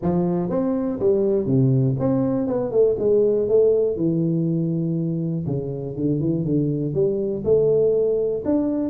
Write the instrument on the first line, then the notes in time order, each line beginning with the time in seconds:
tuba
0.01 F3
0.49 C4
0.99 G3
1.46 C3
1.99 C4
2.47 B3
2.71 A3
2.98 G#3
3.48 A3
3.96 E3
5.46 C#3
5.96 D3
6.20 E3
6.45 D3
6.94 G3
7.44 A3
8.45 D4